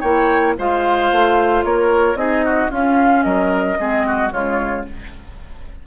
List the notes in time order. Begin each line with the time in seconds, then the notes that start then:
0.00 A#3 E4 C#5 G5
0.58 G#3 F4 C5 F5
1.11 A3
1.64 A#3 A#4 C#5
2.15 C4 D#4 G#4 D#5
2.45 F#4
2.69 C#4 F4 F5
3.23 F#3 A#4 D#5
3.77 G#3 C4 G#4
4.06 F#4
4.30 C#3 G#3 F4 C#5